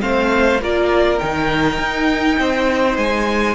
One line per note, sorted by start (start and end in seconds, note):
0.00 0.61 A3
0.00 0.59 C4
0.00 0.62 C5
0.00 0.61 F5
0.61 1.21 A#3
0.61 1.20 F4
0.61 2.40 A#4
0.61 1.19 D5
1.19 1.78 D#3
1.19 3.56 D#4
1.19 2.97 G5
1.78 2.38 D#4
2.39 2.98 C4
2.39 3.56 C5
2.98 3.56 G#3
2.98 3.56 G#5